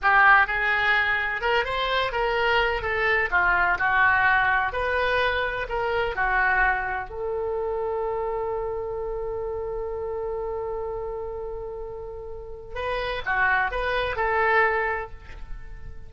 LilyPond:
\new Staff \with { instrumentName = "oboe" } { \time 4/4 \tempo 4 = 127 g'4 gis'2 ais'8 c''8~ | c''8 ais'4. a'4 f'4 | fis'2 b'2 | ais'4 fis'2 a'4~ |
a'1~ | a'1~ | a'2. b'4 | fis'4 b'4 a'2 | }